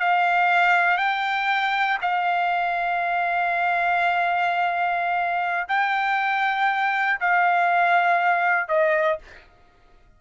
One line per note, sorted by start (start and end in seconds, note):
0.00 0.98 F5
0.98 1.98 G5
2.02 5.67 F5
5.68 7.20 G5
7.21 8.68 F5
8.68 9.19 D#5